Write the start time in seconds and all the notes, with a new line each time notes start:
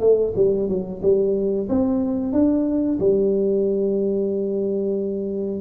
0.00 A3
0.35 G3
0.68 F#3
1.02 G3
1.68 C4
2.32 D4
2.99 G3